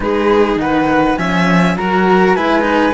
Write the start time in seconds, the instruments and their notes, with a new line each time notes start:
0.00 cello G#3 D#4, violin G#4, flute B4
0.56 cello D#3, violin B4, flute F#5
1.16 cello F3 C#4, violin E5, flute G#5
1.75 cello F#3 F#4, violin A#4, flute A#5
2.34 cello G#3 E4, violin B4, flute G#5
2.61 cello D#4